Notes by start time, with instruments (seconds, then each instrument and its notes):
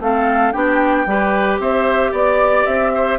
0.00 bassoon A3, clarinet C4, oboe A4, flute F5
0.52 bassoon B3, clarinet D4, oboe G4, flute G5
1.06 bassoon G3, clarinet G4, oboe B4
1.59 bassoon C4, oboe C5, flute E5
2.12 bassoon B3, oboe D5, flute D5
2.66 bassoon C4, flute E5
2.95 oboe C5